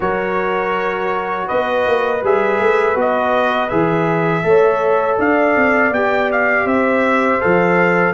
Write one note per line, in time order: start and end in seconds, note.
0.00 1.48 F#3
0.00 2.19 F#4
0.00 1.47 A#4
0.00 1.48 C#5
1.47 1.86 B3
1.47 4.43 B4
1.47 2.22 D#5
1.86 2.22 A#3
2.22 2.59 G3
2.22 2.95 G#4
2.22 2.99 E5
2.59 2.95 A3
2.95 3.69 B3
2.95 3.69 F#4
2.95 3.69 D#5
3.69 4.44 E3
3.69 4.43 G#4
3.69 5.17 E5
4.43 5.18 A3
4.43 5.92 A4
4.43 5.18 C#5
5.18 5.55 D4
5.18 6.65 D5
5.18 5.93 F5
5.56 5.91 C4
5.91 6.65 B3
5.91 7.40 G4
5.91 6.30 G5
6.31 6.67 F5
6.65 7.39 C4
6.65 8.13 C5
6.65 7.41 E5
7.40 8.13 F3
7.40 8.13 A4
7.40 8.13 F5